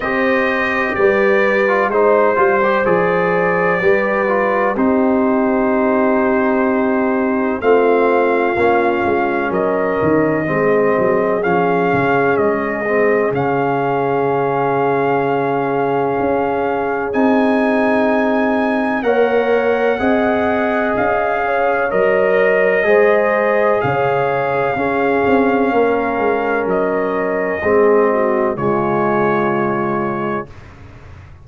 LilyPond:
<<
  \new Staff \with { instrumentName = "trumpet" } { \time 4/4 \tempo 4 = 63 dis''4 d''4 c''4 d''4~ | d''4 c''2. | f''2 dis''2 | f''4 dis''4 f''2~ |
f''2 gis''2 | fis''2 f''4 dis''4~ | dis''4 f''2. | dis''2 cis''2 | }
  \new Staff \with { instrumentName = "horn" } { \time 4/4 c''4 b'4 c''2 | b'4 g'2. | f'2 ais'4 gis'4~ | gis'1~ |
gis'1 | cis''4 dis''4. cis''4. | c''4 cis''4 gis'4 ais'4~ | ais'4 gis'8 fis'8 f'2 | }
  \new Staff \with { instrumentName = "trombone" } { \time 4/4 g'4.~ g'16 f'16 dis'8 f'16 g'16 gis'4 | g'8 f'8 dis'2. | c'4 cis'2 c'4 | cis'4. c'8 cis'2~ |
cis'2 dis'2 | ais'4 gis'2 ais'4 | gis'2 cis'2~ | cis'4 c'4 gis2 | }
  \new Staff \with { instrumentName = "tuba" } { \time 4/4 c'4 g4 gis8 g8 f4 | g4 c'2. | a4 ais8 gis8 fis8 dis8 gis8 fis8 | f8 cis8 gis4 cis2~ |
cis4 cis'4 c'2 | ais4 c'4 cis'4 fis4 | gis4 cis4 cis'8 c'8 ais8 gis8 | fis4 gis4 cis2 | }
>>